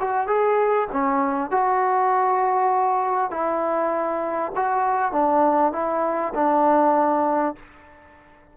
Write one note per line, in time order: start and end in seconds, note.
0.00 0.27 F#4
0.27 0.88 G#4
0.92 1.51 C#4
1.51 3.31 F#4
3.31 4.52 E4
4.56 5.12 F#4
5.12 5.73 D4
5.73 6.33 E4
6.35 7.56 D4